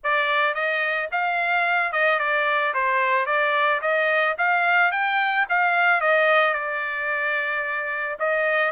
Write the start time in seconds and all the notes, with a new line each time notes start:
0.03 D5
0.54 D#5
1.11 F5
1.92 D#5
2.19 D5
2.73 C5
3.26 D5
3.81 D#5
4.38 F5
4.91 G5
5.49 F5
6.00 D#5
6.54 D5
8.19 D#5